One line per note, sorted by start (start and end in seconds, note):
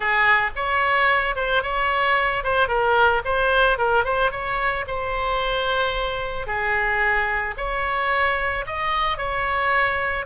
0.00 0.51 G#4
0.55 1.35 C#5
1.35 1.62 C5
1.62 2.43 C#5
2.43 2.68 C5
2.68 3.22 A#4
3.24 3.78 C5
3.78 4.04 A#4
4.04 4.31 C5
4.31 4.85 C#5
4.87 6.46 C5
6.46 7.55 G#4
7.57 8.65 C#5
8.66 9.17 D#5
9.17 10.25 C#5